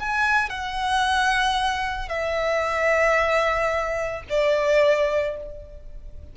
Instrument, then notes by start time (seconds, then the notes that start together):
violin
0.00 G#5
0.50 F#5
2.09 E5
4.30 D5